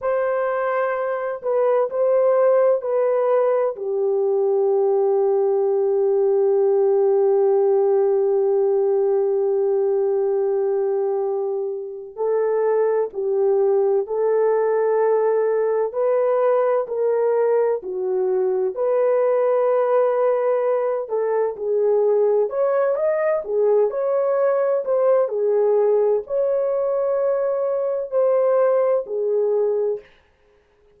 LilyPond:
\new Staff \with { instrumentName = "horn" } { \time 4/4 \tempo 4 = 64 c''4. b'8 c''4 b'4 | g'1~ | g'1~ | g'4 a'4 g'4 a'4~ |
a'4 b'4 ais'4 fis'4 | b'2~ b'8 a'8 gis'4 | cis''8 dis''8 gis'8 cis''4 c''8 gis'4 | cis''2 c''4 gis'4 | }